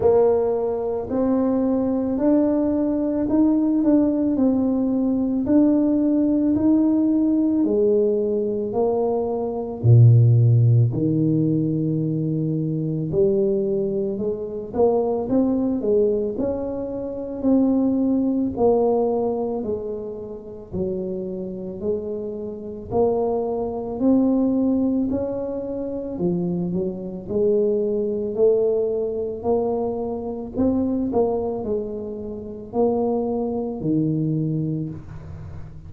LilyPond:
\new Staff \with { instrumentName = "tuba" } { \time 4/4 \tempo 4 = 55 ais4 c'4 d'4 dis'8 d'8 | c'4 d'4 dis'4 gis4 | ais4 ais,4 dis2 | g4 gis8 ais8 c'8 gis8 cis'4 |
c'4 ais4 gis4 fis4 | gis4 ais4 c'4 cis'4 | f8 fis8 gis4 a4 ais4 | c'8 ais8 gis4 ais4 dis4 | }